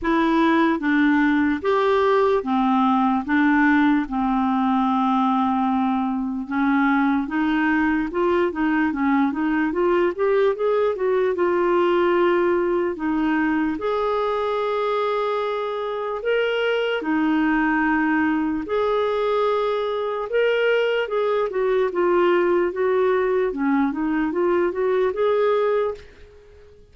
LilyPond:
\new Staff \with { instrumentName = "clarinet" } { \time 4/4 \tempo 4 = 74 e'4 d'4 g'4 c'4 | d'4 c'2. | cis'4 dis'4 f'8 dis'8 cis'8 dis'8 | f'8 g'8 gis'8 fis'8 f'2 |
dis'4 gis'2. | ais'4 dis'2 gis'4~ | gis'4 ais'4 gis'8 fis'8 f'4 | fis'4 cis'8 dis'8 f'8 fis'8 gis'4 | }